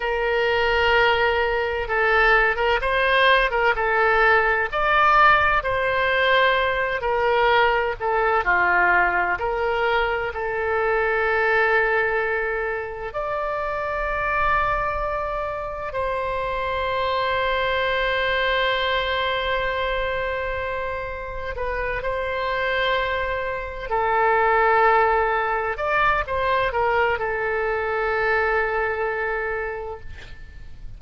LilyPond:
\new Staff \with { instrumentName = "oboe" } { \time 4/4 \tempo 4 = 64 ais'2 a'8. ais'16 c''8. ais'16 | a'4 d''4 c''4. ais'8~ | ais'8 a'8 f'4 ais'4 a'4~ | a'2 d''2~ |
d''4 c''2.~ | c''2. b'8 c''8~ | c''4. a'2 d''8 | c''8 ais'8 a'2. | }